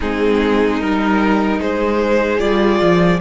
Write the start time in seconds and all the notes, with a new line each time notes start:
0.00 G#3 C4 D#4 G#4
0.80 G3 D#4 A#4
1.60 G#3 G#4 C5
2.38 G3 F4 D5
2.81 F3